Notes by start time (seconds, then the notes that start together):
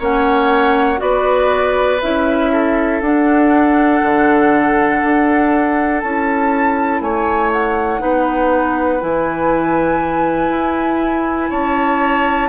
0.00 A#3 C#4 C#5 F#5
0.97 B3 F#4 B4 D5
2.01 C#4 E4 E5
2.52 A4
3.01 D4 F#5
4.03 D3
5.03 D4
6.01 C#4 E4 A5
7.01 A3 C#5 G#5
7.53 F#5
8.00 B3 D#4 B4
9.00 E3 E4 G#5
10.50 E4
11.50 C#4 C#5 A5